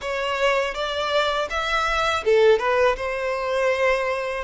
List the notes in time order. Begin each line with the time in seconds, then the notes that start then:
0.01 C#5
0.74 D5
1.49 E5
2.25 A4
2.59 B4
2.96 C5